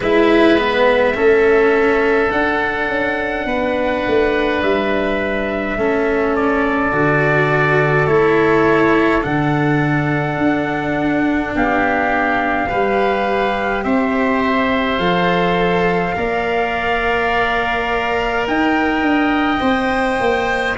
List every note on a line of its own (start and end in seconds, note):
0.00 1.15 G#3
0.00 0.58 E4
0.00 1.15 B4
0.00 2.31 E5
0.58 1.14 B3
1.14 2.32 A3
1.14 2.29 C#4
1.14 3.46 A4
2.31 2.87 D4
2.31 5.78 D4
2.31 4.61 F#5
2.87 3.45 C#4
3.45 4.03 B3
3.45 5.77 B4
4.07 4.62 A3
4.62 5.77 G3
4.62 6.35 E5
5.77 6.92 A3
5.77 6.92 C#4
5.77 11.55 A4
6.35 8.07 D5
6.92 8.06 D3
6.92 8.07 F#4
8.06 9.22 A3
8.06 9.21 E4
8.06 9.22 C#5
9.21 10.37 D3
9.21 12.67 D4
9.21 11.53 F#5
10.37 11.53 D4
11.55 12.70 B3
11.55 12.68 G4
11.55 13.83 F5
12.68 13.84 G3
12.68 14.99 G4
12.68 13.84 B4
13.83 14.98 C4
13.83 16.15 C5
13.83 14.99 E5
14.98 16.13 F3
14.98 16.15 A4
14.98 18.45 F5
16.15 18.47 A#3
16.15 19.60 A#4
16.15 18.48 D5
18.47 19.01 D#4
18.47 20.77 D#5
18.47 20.77 G5
19.01 19.59 D4
19.60 20.19 C4
19.60 20.75 C5
20.20 20.77 A#3